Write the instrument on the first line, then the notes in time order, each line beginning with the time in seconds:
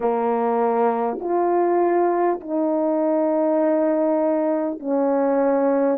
horn
0.00 A#3
1.19 F4
2.40 D#4
4.79 C#4